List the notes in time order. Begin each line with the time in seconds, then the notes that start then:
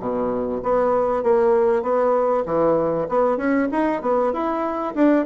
0.00 B2
0.63 B3
1.24 A#3
1.83 B3
2.46 E3
3.09 B3
3.38 C#4
3.72 D#4
4.02 B3
4.33 E4
4.95 D4